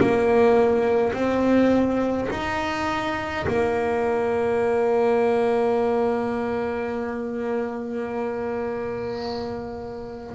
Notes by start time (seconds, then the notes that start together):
0.00 A#3
1.13 C4
2.31 D#4
3.48 A#3